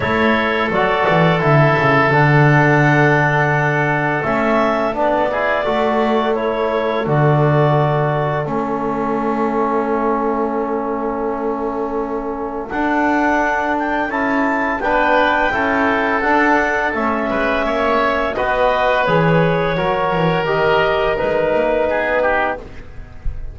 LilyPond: <<
  \new Staff \with { instrumentName = "clarinet" } { \time 4/4 \tempo 4 = 85 cis''4 d''4 e''4 fis''4~ | fis''2 e''4 d''4~ | d''4 cis''4 d''2 | e''1~ |
e''2 fis''4. g''8 | a''4 g''2 fis''4 | e''2 dis''4 cis''4~ | cis''4 dis''4 b'2 | }
  \new Staff \with { instrumentName = "oboe" } { \time 4/4 a'1~ | a'2.~ a'8 gis'8 | a'1~ | a'1~ |
a'1~ | a'4 b'4 a'2~ | a'8 b'8 cis''4 b'2 | ais'2. gis'8 g'8 | }
  \new Staff \with { instrumentName = "trombone" } { \time 4/4 e'4 fis'4 e'4 d'4~ | d'2 cis'4 d'8 e'8 | fis'4 e'4 fis'2 | cis'1~ |
cis'2 d'2 | e'4 d'4 e'4 d'4 | cis'2 fis'4 gis'4 | fis'4 g'4 dis'2 | }
  \new Staff \with { instrumentName = "double bass" } { \time 4/4 a4 fis8 e8 d8 cis8 d4~ | d2 a4 b4 | a2 d2 | a1~ |
a2 d'2 | cis'4 b4 cis'4 d'4 | a8 gis8 ais4 b4 e4 | fis8 e8 dis4 gis8 ais8 b4 | }
>>